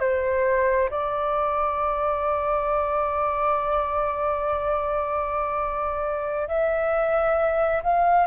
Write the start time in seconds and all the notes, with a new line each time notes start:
0.00 C5
0.90 D5
6.48 E5
7.83 F5